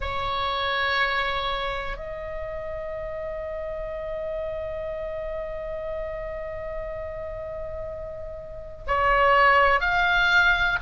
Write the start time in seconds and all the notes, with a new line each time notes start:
0.00 C#5
1.96 D#5
8.87 C#5
9.80 F5